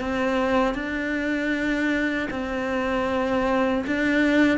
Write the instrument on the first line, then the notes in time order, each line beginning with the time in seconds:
cello
0.00 C4
0.74 D4
2.30 C4
3.87 D4